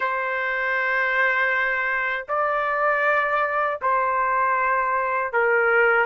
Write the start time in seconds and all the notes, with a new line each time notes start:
0.00 C5
2.28 D5
3.81 C5
5.33 A#4